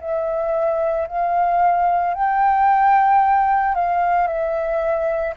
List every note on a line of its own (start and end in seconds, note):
0.00 1.07 E5
1.08 2.14 F5
2.14 3.75 G5
3.75 4.27 F5
4.27 5.34 E5